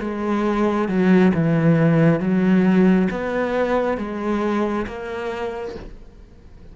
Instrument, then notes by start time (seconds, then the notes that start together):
cello
0.00 G#3
0.89 F#3
1.34 E3
2.20 F#3
3.11 B3
3.97 G#3
4.87 A#3